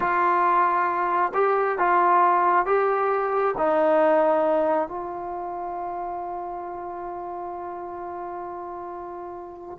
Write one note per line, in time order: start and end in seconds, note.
0.00 1.32 F4
1.34 1.78 G4
1.78 2.65 F4
2.65 3.54 G4
3.57 4.88 D#4
4.88 9.77 F4